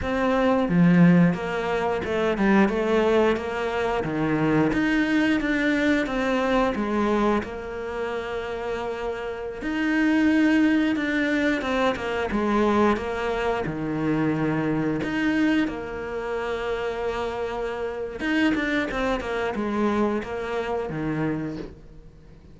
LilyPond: \new Staff \with { instrumentName = "cello" } { \time 4/4 \tempo 4 = 89 c'4 f4 ais4 a8 g8 | a4 ais4 dis4 dis'4 | d'4 c'4 gis4 ais4~ | ais2~ ais16 dis'4.~ dis'16~ |
dis'16 d'4 c'8 ais8 gis4 ais8.~ | ais16 dis2 dis'4 ais8.~ | ais2. dis'8 d'8 | c'8 ais8 gis4 ais4 dis4 | }